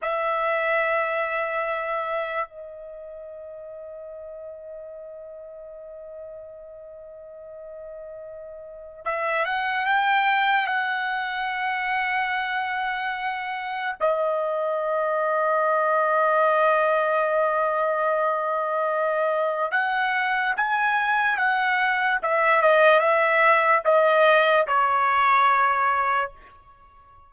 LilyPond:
\new Staff \with { instrumentName = "trumpet" } { \time 4/4 \tempo 4 = 73 e''2. dis''4~ | dis''1~ | dis''2. e''8 fis''8 | g''4 fis''2.~ |
fis''4 dis''2.~ | dis''1 | fis''4 gis''4 fis''4 e''8 dis''8 | e''4 dis''4 cis''2 | }